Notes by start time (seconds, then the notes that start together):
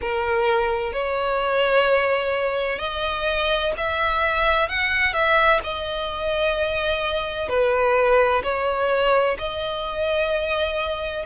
0.01 A#4
0.92 C#5
2.79 D#5
3.77 E5
4.68 F#5
5.13 E5
5.63 D#5
7.48 B4
8.43 C#5
9.38 D#5